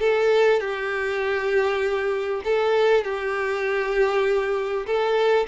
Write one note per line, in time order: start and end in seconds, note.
0.00 0.60 A4
0.60 2.42 G4
2.44 3.04 A4
3.04 4.86 G4
4.86 5.47 A4